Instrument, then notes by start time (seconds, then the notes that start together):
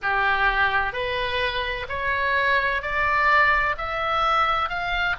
oboe
0.02 G4
0.92 B4
1.88 C#5
2.81 D5
3.77 E5
4.69 F5